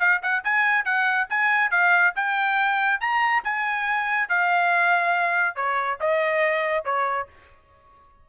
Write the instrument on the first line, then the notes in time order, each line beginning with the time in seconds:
trumpet
0.00 F5
0.23 F#5
0.44 G#5
0.85 F#5
1.30 G#5
1.71 F5
2.16 G5
3.01 A#5
3.44 G#5
4.29 F5
5.56 C#5
6.01 D#5
6.85 C#5